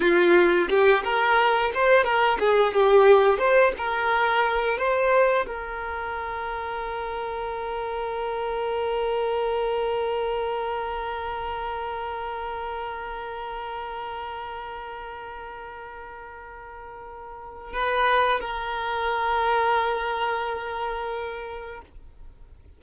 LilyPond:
\new Staff \with { instrumentName = "violin" } { \time 4/4 \tempo 4 = 88 f'4 g'8 ais'4 c''8 ais'8 gis'8 | g'4 c''8 ais'4. c''4 | ais'1~ | ais'1~ |
ais'1~ | ais'1~ | ais'2 b'4 ais'4~ | ais'1 | }